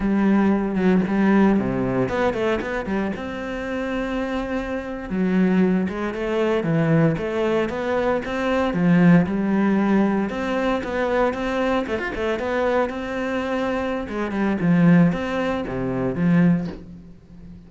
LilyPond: \new Staff \with { instrumentName = "cello" } { \time 4/4 \tempo 4 = 115 g4. fis8 g4 c4 | b8 a8 b8 g8 c'2~ | c'4.~ c'16 fis4. gis8 a16~ | a8. e4 a4 b4 c'16~ |
c'8. f4 g2 c'16~ | c'8. b4 c'4 a16 f'16 a8 b16~ | b8. c'2~ c'16 gis8 g8 | f4 c'4 c4 f4 | }